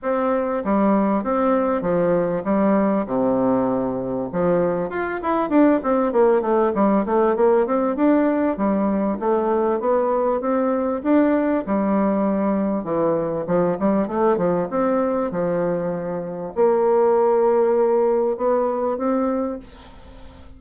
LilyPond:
\new Staff \with { instrumentName = "bassoon" } { \time 4/4 \tempo 4 = 98 c'4 g4 c'4 f4 | g4 c2 f4 | f'8 e'8 d'8 c'8 ais8 a8 g8 a8 | ais8 c'8 d'4 g4 a4 |
b4 c'4 d'4 g4~ | g4 e4 f8 g8 a8 f8 | c'4 f2 ais4~ | ais2 b4 c'4 | }